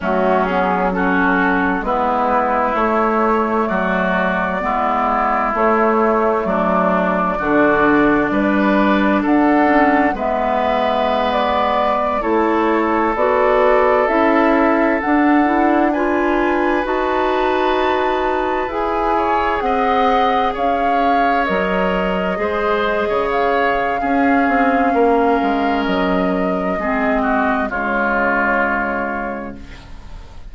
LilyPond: <<
  \new Staff \with { instrumentName = "flute" } { \time 4/4 \tempo 4 = 65 fis'8 gis'8 a'4 b'4 cis''4 | d''2 cis''4 d''4~ | d''2 fis''4 e''4~ | e''16 d''4 cis''4 d''4 e''8.~ |
e''16 fis''4 gis''4 a''4.~ a''16~ | a''16 gis''4 fis''4 f''4 dis''8.~ | dis''4~ dis''16 f''2~ f''8. | dis''2 cis''2 | }
  \new Staff \with { instrumentName = "oboe" } { \time 4/4 cis'4 fis'4 e'2 | fis'4 e'2 d'4 | fis'4 b'4 a'4 b'4~ | b'4~ b'16 a'2~ a'8.~ |
a'4~ a'16 b'2~ b'8.~ | b'8. cis''8 dis''4 cis''4.~ cis''16~ | cis''16 c''8. cis''4 gis'4 ais'4~ | ais'4 gis'8 fis'8 f'2 | }
  \new Staff \with { instrumentName = "clarinet" } { \time 4/4 a8 b8 cis'4 b4 a4~ | a4 b4 a2 | d'2~ d'8 cis'8 b4~ | b4~ b16 e'4 fis'4 e'8.~ |
e'16 d'8 e'8 f'4 fis'4.~ fis'16~ | fis'16 gis'2. ais'8.~ | ais'16 gis'4.~ gis'16 cis'2~ | cis'4 c'4 gis2 | }
  \new Staff \with { instrumentName = "bassoon" } { \time 4/4 fis2 gis4 a4 | fis4 gis4 a4 fis4 | d4 g4 d'4 gis4~ | gis4~ gis16 a4 b4 cis'8.~ |
cis'16 d'2 dis'4.~ dis'16~ | dis'16 e'4 c'4 cis'4 fis8.~ | fis16 gis8. cis4 cis'8 c'8 ais8 gis8 | fis4 gis4 cis2 | }
>>